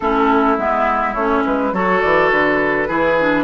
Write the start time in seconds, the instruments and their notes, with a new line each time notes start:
0.00 bassoon A3, clarinet C#4, oboe E4, flute A4
0.58 bassoon G#3, clarinet B3, flute E5
1.14 bassoon A3, clarinet C#4, flute C#5
1.45 bassoon G#3, flute B4
1.72 bassoon F#3, clarinet F#4, oboe A4, flute C#5
2.01 bassoon E3, flute D5
2.31 bassoon D3, flute B4
2.88 bassoon E3, clarinet E4, oboe G#4
3.20 clarinet D4